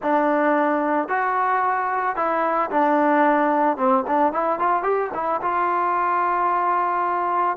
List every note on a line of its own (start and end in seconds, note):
0.02 1.08 D4
1.08 2.16 F#4
2.16 2.70 E4
2.70 3.77 D4
3.77 4.04 C4
4.07 4.32 D4
4.32 4.59 E4
4.59 4.82 F4
4.82 5.10 G4
5.14 5.41 E4
5.41 7.57 F4